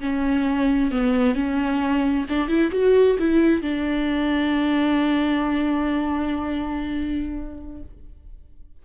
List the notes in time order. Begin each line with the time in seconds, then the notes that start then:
0.00 C#4
0.91 B3
1.34 C#4
2.29 D4
2.48 E4
2.71 F#4
3.18 E4
3.62 D4